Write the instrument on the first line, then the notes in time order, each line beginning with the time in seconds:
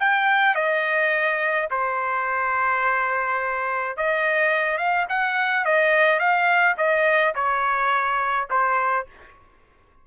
trumpet
0.00 G5
0.55 D#5
1.71 C5
3.97 D#5
4.78 F5
5.09 F#5
5.65 D#5
6.20 F5
6.78 D#5
7.35 C#5
8.50 C5